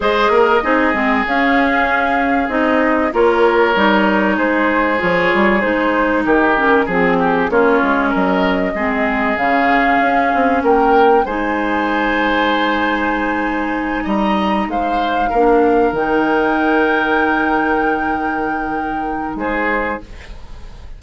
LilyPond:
<<
  \new Staff \with { instrumentName = "flute" } { \time 4/4 \tempo 4 = 96 dis''2 f''2 | dis''4 cis''2 c''4 | cis''4 c''4 ais'4 gis'4 | cis''4 dis''2 f''4~ |
f''4 g''4 gis''2~ | gis''2~ gis''8 ais''4 f''8~ | f''4. g''2~ g''8~ | g''2. c''4 | }
  \new Staff \with { instrumentName = "oboe" } { \time 4/4 c''8 ais'8 gis'2.~ | gis'4 ais'2 gis'4~ | gis'2 g'4 gis'8 g'8 | f'4 ais'4 gis'2~ |
gis'4 ais'4 c''2~ | c''2~ c''8 dis''4 c''8~ | c''8 ais'2.~ ais'8~ | ais'2. gis'4 | }
  \new Staff \with { instrumentName = "clarinet" } { \time 4/4 gis'4 dis'8 c'8 cis'2 | dis'4 f'4 dis'2 | f'4 dis'4. cis'8 c'4 | cis'2 c'4 cis'4~ |
cis'2 dis'2~ | dis'1~ | dis'8 d'4 dis'2~ dis'8~ | dis'1 | }
  \new Staff \with { instrumentName = "bassoon" } { \time 4/4 gis8 ais8 c'8 gis8 cis'2 | c'4 ais4 g4 gis4 | f8 g8 gis4 dis4 f4 | ais8 gis8 fis4 gis4 cis4 |
cis'8 c'8 ais4 gis2~ | gis2~ gis8 g4 gis8~ | gis8 ais4 dis2~ dis8~ | dis2. gis4 | }
>>